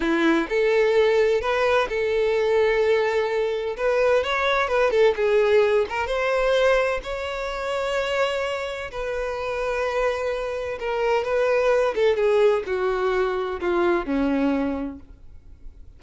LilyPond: \new Staff \with { instrumentName = "violin" } { \time 4/4 \tempo 4 = 128 e'4 a'2 b'4 | a'1 | b'4 cis''4 b'8 a'8 gis'4~ | gis'8 ais'8 c''2 cis''4~ |
cis''2. b'4~ | b'2. ais'4 | b'4. a'8 gis'4 fis'4~ | fis'4 f'4 cis'2 | }